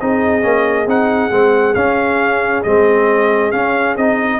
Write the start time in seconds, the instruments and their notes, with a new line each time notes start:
0.00 tuba C4, trombone D#4, horn G#4, trumpet D#5
0.42 tuba A#3, trombone C#4
0.87 tuba C4, trombone D#4, trumpet F#5
1.31 tuba G#3, trombone C4
1.74 tuba C#4, trombone C#4, trumpet F5
2.63 tuba G#3, trombone C4, trumpet D#5
3.51 trombone C#4, tuba C#4, trumpet F5
3.97 tuba C4, trombone D#4, trumpet D#5